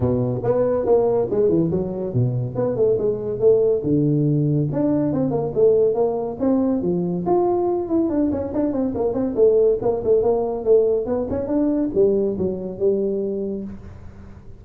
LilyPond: \new Staff \with { instrumentName = "tuba" } { \time 4/4 \tempo 4 = 141 b,4 b4 ais4 gis8 e8 | fis4 b,4 b8 a8 gis4 | a4 d2 d'4 | c'8 ais8 a4 ais4 c'4 |
f4 f'4. e'8 d'8 cis'8 | d'8 c'8 ais8 c'8 a4 ais8 a8 | ais4 a4 b8 cis'8 d'4 | g4 fis4 g2 | }